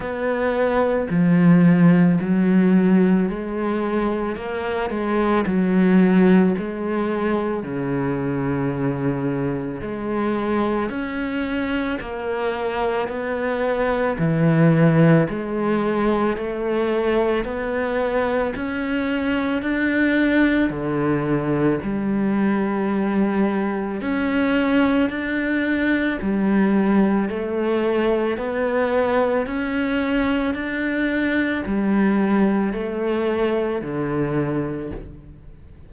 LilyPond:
\new Staff \with { instrumentName = "cello" } { \time 4/4 \tempo 4 = 55 b4 f4 fis4 gis4 | ais8 gis8 fis4 gis4 cis4~ | cis4 gis4 cis'4 ais4 | b4 e4 gis4 a4 |
b4 cis'4 d'4 d4 | g2 cis'4 d'4 | g4 a4 b4 cis'4 | d'4 g4 a4 d4 | }